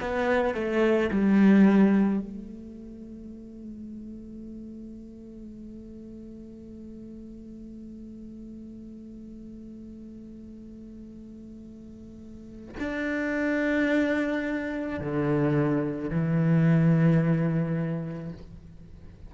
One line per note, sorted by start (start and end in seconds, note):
0.00 0.54 B3
0.54 1.10 A3
1.11 2.20 G3
2.20 12.76 A3
12.79 15.00 D4
15.00 16.10 D3
16.10 18.32 E3